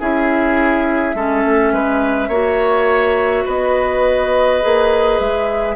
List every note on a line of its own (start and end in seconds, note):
0.00 1.14 C#4
0.00 1.15 E4
0.00 1.15 G#4
0.00 3.47 E5
1.14 1.43 G#3
1.14 2.30 C#4
1.14 1.73 A4
1.44 1.72 A3
1.72 2.28 G#3
1.72 2.28 B4
2.28 3.44 A#3
2.28 4.61 F#4
2.28 3.44 C#5
3.44 4.62 B3
3.44 5.75 B4
3.44 5.19 D#5
4.61 5.19 A#3
4.61 5.76 G#4
5.19 5.76 G#3
5.19 5.76 E5